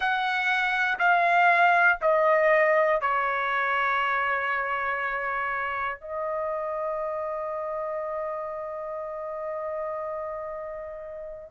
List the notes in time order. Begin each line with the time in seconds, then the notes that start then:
0.00 F#5
0.99 F5
2.01 D#5
3.00 C#5
6.00 D#5